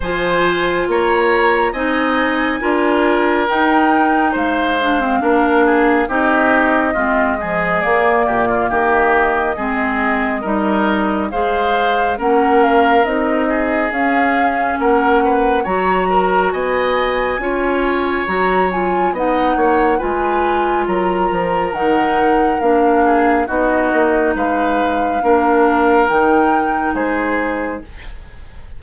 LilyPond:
<<
  \new Staff \with { instrumentName = "flute" } { \time 4/4 \tempo 4 = 69 gis''4 ais''4 gis''2 | g''4 f''2 dis''4~ | dis''4 d''4 dis''2~ | dis''4 f''4 fis''8 f''8 dis''4 |
f''4 fis''4 ais''4 gis''4~ | gis''4 ais''8 gis''8 fis''4 gis''4 | ais''4 fis''4 f''4 dis''4 | f''2 g''4 c''4 | }
  \new Staff \with { instrumentName = "oboe" } { \time 4/4 c''4 cis''4 dis''4 ais'4~ | ais'4 c''4 ais'8 gis'8 g'4 | f'8 gis'4 g'16 f'16 g'4 gis'4 | ais'4 c''4 ais'4. gis'8~ |
gis'4 ais'8 b'8 cis''8 ais'8 dis''4 | cis''2 dis''8 cis''8 b'4 | ais'2~ ais'8 gis'8 fis'4 | b'4 ais'2 gis'4 | }
  \new Staff \with { instrumentName = "clarinet" } { \time 4/4 f'2 dis'4 f'4 | dis'4. d'16 c'16 d'4 dis'4 | c'8 f8 ais2 c'4 | dis'4 gis'4 cis'4 dis'4 |
cis'2 fis'2 | f'4 fis'8 f'8 dis'4 f'4~ | f'4 dis'4 d'4 dis'4~ | dis'4 d'4 dis'2 | }
  \new Staff \with { instrumentName = "bassoon" } { \time 4/4 f4 ais4 c'4 d'4 | dis'4 gis4 ais4 c'4 | gis4 ais8 ais,8 dis4 gis4 | g4 gis4 ais4 c'4 |
cis'4 ais4 fis4 b4 | cis'4 fis4 b8 ais8 gis4 | fis8 f8 dis4 ais4 b8 ais8 | gis4 ais4 dis4 gis4 | }
>>